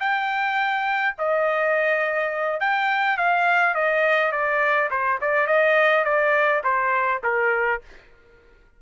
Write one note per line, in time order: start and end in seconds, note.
0.00 1.15 G5
1.19 2.60 D#5
2.60 3.18 G5
3.18 3.75 F5
3.75 4.32 D#5
4.32 4.90 D5
4.91 5.20 C5
5.21 5.48 D5
5.48 6.05 D#5
6.05 6.62 D5
6.64 7.22 C5
7.24 7.81 A#4